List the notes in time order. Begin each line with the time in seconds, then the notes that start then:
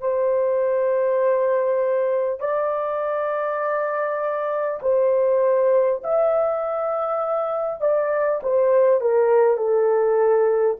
0.00 C5
2.40 D5
4.82 C5
6.04 E5
7.81 D5
8.43 C5
9.01 A#4
9.57 A4